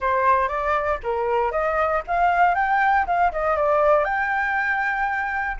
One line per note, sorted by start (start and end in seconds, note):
0.00 0.48 C5
0.48 0.99 D5
1.03 1.51 A#4
1.51 2.02 D#5
2.07 2.54 F5
2.54 3.05 G5
3.06 3.31 F5
3.32 3.56 D#5
3.56 4.04 D5
4.04 5.57 G5